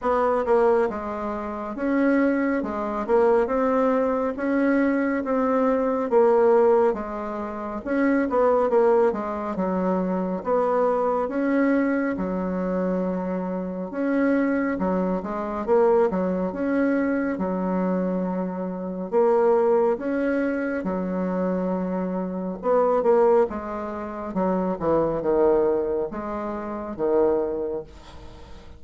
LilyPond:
\new Staff \with { instrumentName = "bassoon" } { \time 4/4 \tempo 4 = 69 b8 ais8 gis4 cis'4 gis8 ais8 | c'4 cis'4 c'4 ais4 | gis4 cis'8 b8 ais8 gis8 fis4 | b4 cis'4 fis2 |
cis'4 fis8 gis8 ais8 fis8 cis'4 | fis2 ais4 cis'4 | fis2 b8 ais8 gis4 | fis8 e8 dis4 gis4 dis4 | }